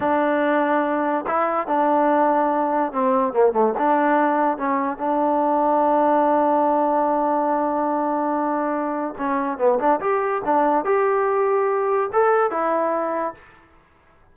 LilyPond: \new Staff \with { instrumentName = "trombone" } { \time 4/4 \tempo 4 = 144 d'2. e'4 | d'2. c'4 | ais8 a8 d'2 cis'4 | d'1~ |
d'1~ | d'2 cis'4 b8 d'8 | g'4 d'4 g'2~ | g'4 a'4 e'2 | }